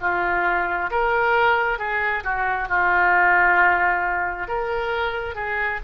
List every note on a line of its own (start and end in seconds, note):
0.00 0.90 F4
0.90 1.78 A#4
1.78 2.23 G#4
2.23 2.68 F#4
2.69 4.47 F4
4.47 5.35 A#4
5.35 5.80 G#4